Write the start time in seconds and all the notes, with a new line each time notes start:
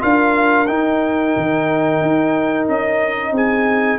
0.00 D4 F4 A#4 F5
0.67 D#4 G5
1.37 D#3
2.02 D#4
2.68 C#4 D#5
3.32 C4 G#4 G#5